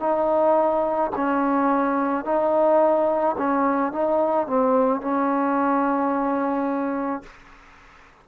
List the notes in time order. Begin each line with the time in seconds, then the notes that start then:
0.00 D#4
1.16 C#4
2.25 D#4
3.38 C#4
3.92 D#4
4.47 C4
5.01 C#4